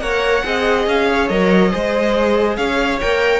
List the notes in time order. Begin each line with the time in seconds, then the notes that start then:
0.00 A#3 A#4 C#5 F#5
0.44 C4 G#4 D#5
0.87 C#4 F5
1.11 C#5
1.28 F#3 A#4 D#5
1.70 G#3 G#4 C5
2.56 C#4 C#5 F5
3.01 A#3 A#4 G5